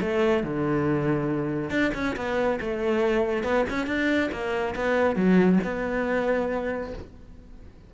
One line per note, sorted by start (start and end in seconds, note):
0.00 0.43 A3
0.43 1.70 D3
1.70 1.91 D4
1.94 2.15 C#4
2.16 2.59 B3
2.60 3.43 A3
3.43 3.65 B3
3.69 3.86 C#4
3.86 4.29 D4
4.31 4.74 A#3
4.75 5.15 B3
5.15 5.59 F#3
5.64 6.93 B3